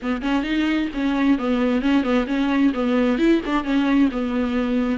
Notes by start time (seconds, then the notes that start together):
0.02 B3
0.21 C#4
0.43 D#4
0.94 C#4
1.38 B3
1.81 C#4
2.03 B3
2.27 C#4
2.74 B3
3.18 E4
3.45 D4
3.63 C#4
4.11 B3